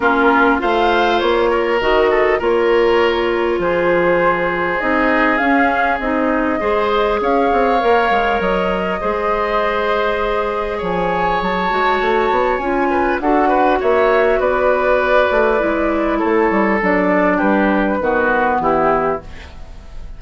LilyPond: <<
  \new Staff \with { instrumentName = "flute" } { \time 4/4 \tempo 4 = 100 ais'4 f''4 cis''4 dis''4 | cis''2 c''2 | dis''4 f''4 dis''2 | f''2 dis''2~ |
dis''2 gis''4 a''4~ | a''4 gis''4 fis''4 e''4 | d''2. cis''4 | d''4 b'2 g'4 | }
  \new Staff \with { instrumentName = "oboe" } { \time 4/4 f'4 c''4. ais'4 a'8 | ais'2 gis'2~ | gis'2. c''4 | cis''2. c''4~ |
c''2 cis''2~ | cis''4. b'8 a'8 b'8 cis''4 | b'2. a'4~ | a'4 g'4 fis'4 e'4 | }
  \new Staff \with { instrumentName = "clarinet" } { \time 4/4 cis'4 f'2 fis'4 | f'1 | dis'4 cis'4 dis'4 gis'4~ | gis'4 ais'2 gis'4~ |
gis'2.~ gis'8 fis'8~ | fis'4 f'4 fis'2~ | fis'2 e'2 | d'2 b2 | }
  \new Staff \with { instrumentName = "bassoon" } { \time 4/4 ais4 a4 ais4 dis4 | ais2 f2 | c'4 cis'4 c'4 gis4 | cis'8 c'8 ais8 gis8 fis4 gis4~ |
gis2 f4 fis8 gis8 | a8 b8 cis'4 d'4 ais4 | b4. a8 gis4 a8 g8 | fis4 g4 dis4 e4 | }
>>